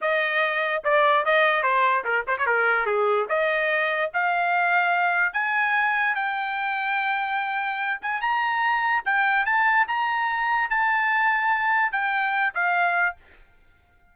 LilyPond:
\new Staff \with { instrumentName = "trumpet" } { \time 4/4 \tempo 4 = 146 dis''2 d''4 dis''4 | c''4 ais'8 c''16 cis''16 ais'4 gis'4 | dis''2 f''2~ | f''4 gis''2 g''4~ |
g''2.~ g''8 gis''8 | ais''2 g''4 a''4 | ais''2 a''2~ | a''4 g''4. f''4. | }